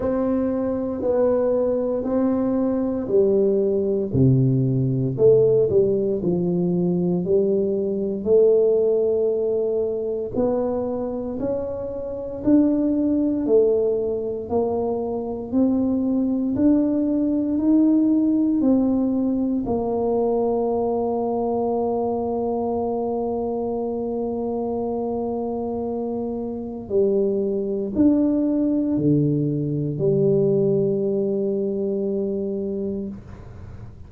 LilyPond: \new Staff \with { instrumentName = "tuba" } { \time 4/4 \tempo 4 = 58 c'4 b4 c'4 g4 | c4 a8 g8 f4 g4 | a2 b4 cis'4 | d'4 a4 ais4 c'4 |
d'4 dis'4 c'4 ais4~ | ais1~ | ais2 g4 d'4 | d4 g2. | }